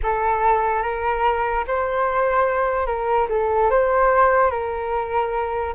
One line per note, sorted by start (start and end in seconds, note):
0.02 0.82 A4
0.82 1.64 A#4
1.67 2.86 C5
2.86 3.27 A#4
3.29 3.70 A4
3.70 4.50 C5
4.50 5.73 A#4